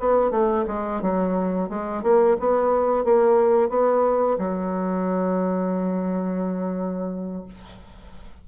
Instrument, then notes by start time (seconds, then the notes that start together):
bassoon
0.00 B3
0.31 A3
0.68 G#3
1.02 F#3
1.70 G#3
2.03 A#3
2.40 B3
3.05 A#3
3.69 B3
4.39 F#3